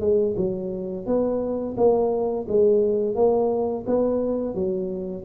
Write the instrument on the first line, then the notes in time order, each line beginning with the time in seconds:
tuba
0.00 G#3
0.36 F#3
1.06 B3
1.77 A#3
2.48 G#3
3.15 A#3
3.86 B3
4.54 F#3